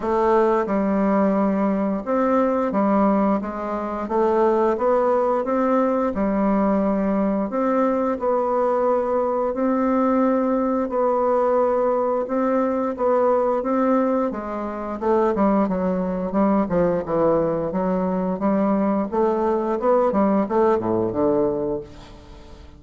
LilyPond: \new Staff \with { instrumentName = "bassoon" } { \time 4/4 \tempo 4 = 88 a4 g2 c'4 | g4 gis4 a4 b4 | c'4 g2 c'4 | b2 c'2 |
b2 c'4 b4 | c'4 gis4 a8 g8 fis4 | g8 f8 e4 fis4 g4 | a4 b8 g8 a8 a,8 d4 | }